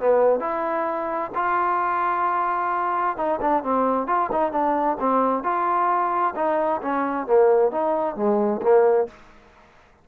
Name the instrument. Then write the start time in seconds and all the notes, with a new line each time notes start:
trombone
0.00 B3
0.40 E4
1.35 F4
3.17 D#4
3.41 D4
3.64 C4
4.07 F4
4.32 D#4
4.52 D4
5.00 C4
5.43 F4
6.36 D#4
6.82 C#4
7.27 A#3
7.72 D#4
8.16 G#3
8.62 A#3